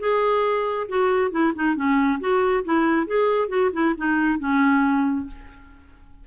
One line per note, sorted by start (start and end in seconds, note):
0.00 0.88 G#4
0.89 1.31 F#4
1.31 1.53 E4
1.55 1.76 D#4
1.76 2.20 C#4
2.20 2.64 F#4
2.65 3.07 E4
3.07 3.49 G#4
3.49 3.71 F#4
3.73 3.95 E4
3.98 4.40 D#4
4.40 5.27 C#4